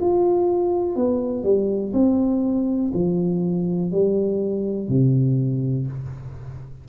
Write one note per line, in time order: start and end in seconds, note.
0.00 0.96 F4
0.96 1.43 B3
1.43 1.92 G3
1.93 2.92 C4
2.93 3.92 F3
3.92 4.88 G3
4.88 5.87 C3